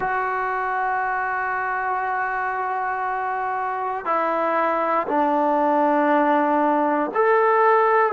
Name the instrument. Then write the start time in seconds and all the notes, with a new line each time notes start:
trombone
0.00 F#4
4.04 E4
5.07 D4
7.14 A4